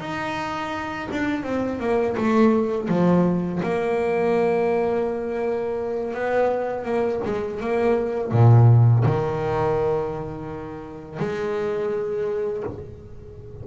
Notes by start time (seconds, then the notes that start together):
0.00 D#4
1.11 D4
1.43 C4
1.79 A#3
2.17 A3
2.88 F3
3.63 A#3
6.14 B3
6.84 A#3
7.25 G#3
7.60 A#3
8.32 A#2
9.05 D#3
11.19 G#3